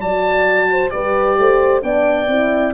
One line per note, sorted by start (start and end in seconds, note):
0.00 0.91 F#3
0.00 0.91 F#4
0.00 0.69 D5
0.00 0.90 A5
0.71 0.93 C5
0.90 1.38 G3
0.90 1.81 G4
0.90 1.38 B4
0.90 1.80 D5
1.38 1.82 A3
1.38 1.84 C5
1.81 2.27 B3
1.81 2.27 D4
1.81 2.73 D5
1.81 2.73 G5
2.27 2.73 C4
2.27 2.73 E4